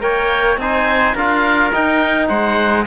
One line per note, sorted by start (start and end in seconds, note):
0.00 0.57 A#3
0.00 0.57 A#4
0.00 0.59 C#5
0.00 0.59 G5
0.57 1.14 C4
0.57 1.17 D#4
0.57 1.15 C5
0.57 1.18 G#5
1.15 1.72 D4
1.15 1.73 F4
1.15 2.29 A#4
1.15 1.74 F5
1.73 2.86 D#4
1.73 2.30 D#4
1.73 2.29 G5
2.29 2.86 G#3
2.29 2.86 C5
2.29 2.85 F#5